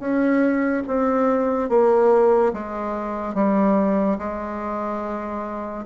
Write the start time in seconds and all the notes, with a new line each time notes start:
0.00 C#4
0.87 C4
1.70 A#3
2.54 G#3
3.35 G3
4.19 G#3